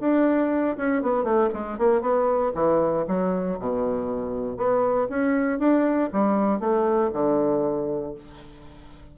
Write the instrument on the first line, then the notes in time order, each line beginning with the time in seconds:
bassoon
0.00 D4
0.77 C#4
1.02 B3
1.23 A3
1.53 G#3
1.78 A#3
2.01 B3
2.54 E3
3.07 F#3
3.59 B2
4.57 B3
5.09 C#4
5.59 D4
6.12 G3
6.60 A3
7.13 D3